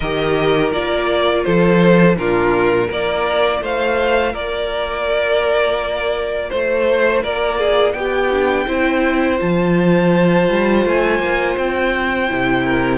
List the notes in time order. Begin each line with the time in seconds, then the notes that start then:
0.00 D#3 G4 A#4 D#5
0.72 A#3 F4 D5
1.43 F3 A4 C5
2.16 A#2 D4 F4 A#4
2.87 A#3 F4 A#4 D5
3.61 A3 C5 F5
4.32 A#3 A#4 D5
6.50 A3 C5
7.23 A#3 A#4 D5
7.59 G#4
7.92 B3 G4 G5
8.31 D4
8.66 C4 E4 C5
9.37 F3 F4 A5
10.49 G3
10.85 A3 G#5
11.19 A#3
11.57 C4 G5
12.27 C3 E4
12.64 A#4